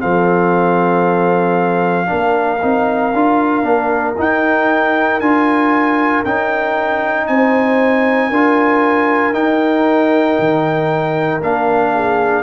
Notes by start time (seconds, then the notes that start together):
0.00 F3 C4 A4 F5
2.07 A#3 D4 A#4
2.62 C4 D#4
3.14 D4 F4
3.63 A#3 D4
4.18 D#4 G5
5.21 D4 F4 G#5
6.25 C#4 D#4 G5
7.27 C4 C5 G#5
8.30 D4 F4 A#4
9.34 D#4 G5
10.40 D#3
11.42 A#3 D4 F5
11.94 G#4